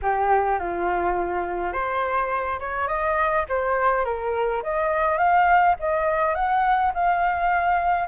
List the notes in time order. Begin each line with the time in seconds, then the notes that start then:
0.02 G4
0.59 F4
1.72 C5
2.59 C#5
2.87 D#5
3.48 C5
4.04 A#4
4.62 D#5
5.18 F5
5.79 D#5
6.34 F#5
6.94 F5